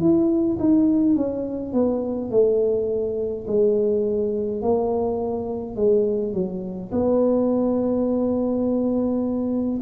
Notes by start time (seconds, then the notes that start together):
0.00 E4
0.60 D#4
1.16 C#4
1.74 B3
2.31 A3
3.47 G#3
4.62 A#3
5.76 G#3
6.34 F#3
6.92 B3